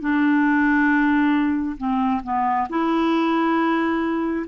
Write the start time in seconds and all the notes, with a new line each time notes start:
0.00 D4
1.77 C4
2.23 B3
2.69 E4